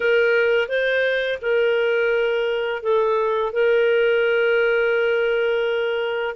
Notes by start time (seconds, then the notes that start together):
0.00 A#4
0.68 C5
1.41 A#4
2.82 A4
3.52 A#4